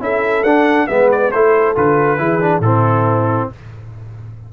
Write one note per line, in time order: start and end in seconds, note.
0.00 0.43 C#4
0.00 0.44 E4
0.00 0.86 A4
0.00 0.43 E5
0.43 0.87 D4
0.43 0.89 D4
0.43 0.87 F#5
0.86 1.32 G#3
0.86 1.32 B3
0.86 1.30 B4
0.86 1.09 E5
1.11 1.31 D5
1.31 1.76 A3
1.31 1.75 E4
1.31 2.19 A4
1.31 1.75 C5
1.75 2.19 D3
1.75 2.18 F4
1.75 2.61 B4
2.18 2.60 E3
2.18 2.40 E4
2.18 2.62 G#4
2.40 2.62 D4
2.60 3.47 A2
2.60 3.53 C4
2.60 3.50 E4
2.60 3.49 A4